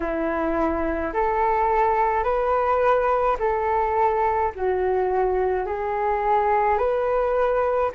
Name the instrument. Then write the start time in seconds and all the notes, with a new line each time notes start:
flute
0.00 E4
1.13 A4
2.23 B4
3.39 A4
4.55 F#4
5.66 G#4
6.78 B4